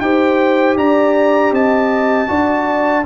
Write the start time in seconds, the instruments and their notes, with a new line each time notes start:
0.00 tuba D#4, trombone G4, horn C5, trumpet G5
0.77 tuba D4, horn D5, trumpet A#5
1.52 tuba C4, horn D#5, trumpet A5
2.28 tuba D4, trombone F#4, horn D5